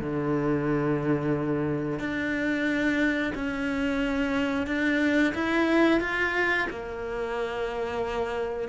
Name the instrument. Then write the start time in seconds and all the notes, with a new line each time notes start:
cello
0.00 D3
1.99 D4
3.35 C#4
4.67 D4
5.34 E4
6.00 F4
6.70 A#3